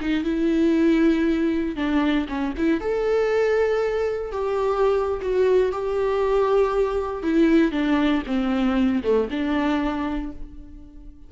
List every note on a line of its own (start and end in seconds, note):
0.00 0.24 D#4
0.24 1.76 E4
1.76 2.27 D4
2.28 2.54 C#4
2.57 2.80 E4
2.80 4.31 A4
4.31 5.20 G4
5.21 5.72 F#4
5.72 7.22 G4
7.22 7.71 E4
7.71 8.22 D4
8.26 9.03 C4
9.03 9.28 A3
9.30 10.32 D4